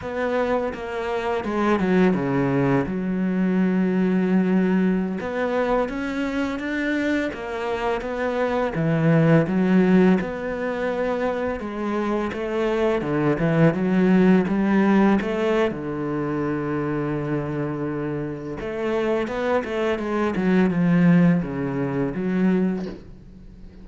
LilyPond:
\new Staff \with { instrumentName = "cello" } { \time 4/4 \tempo 4 = 84 b4 ais4 gis8 fis8 cis4 | fis2.~ fis16 b8.~ | b16 cis'4 d'4 ais4 b8.~ | b16 e4 fis4 b4.~ b16~ |
b16 gis4 a4 d8 e8 fis8.~ | fis16 g4 a8. d2~ | d2 a4 b8 a8 | gis8 fis8 f4 cis4 fis4 | }